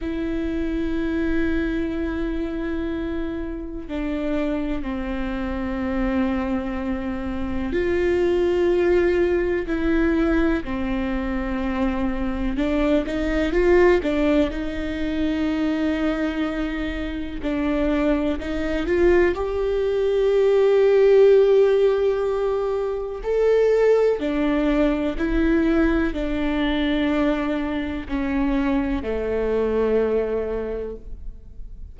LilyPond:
\new Staff \with { instrumentName = "viola" } { \time 4/4 \tempo 4 = 62 e'1 | d'4 c'2. | f'2 e'4 c'4~ | c'4 d'8 dis'8 f'8 d'8 dis'4~ |
dis'2 d'4 dis'8 f'8 | g'1 | a'4 d'4 e'4 d'4~ | d'4 cis'4 a2 | }